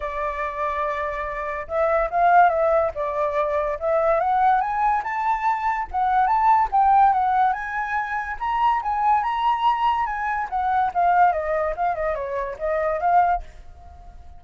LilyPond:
\new Staff \with { instrumentName = "flute" } { \time 4/4 \tempo 4 = 143 d''1 | e''4 f''4 e''4 d''4~ | d''4 e''4 fis''4 gis''4 | a''2 fis''4 a''4 |
g''4 fis''4 gis''2 | ais''4 gis''4 ais''2 | gis''4 fis''4 f''4 dis''4 | f''8 dis''8 cis''4 dis''4 f''4 | }